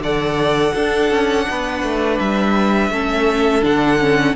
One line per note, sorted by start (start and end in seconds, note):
0.00 0.72 D3
0.00 0.76 A4
0.00 0.73 D5
0.00 2.19 F#5
0.73 1.11 D4
0.73 2.92 D4
0.73 1.46 A4
1.11 1.47 C#4
1.50 1.83 B3
1.50 2.92 B4
1.83 2.19 A3
2.19 2.90 G3
2.19 3.64 E5
2.90 3.62 A3
2.90 3.61 C#4
2.90 4.35 A4
3.61 4.35 D3
3.61 3.98 D4
3.61 4.35 F#5
3.99 4.35 C#4